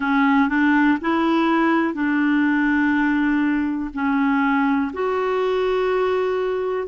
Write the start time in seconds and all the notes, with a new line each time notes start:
0.00 C#4
0.48 D4
1.01 E4
1.94 D4
3.93 C#4
4.93 F#4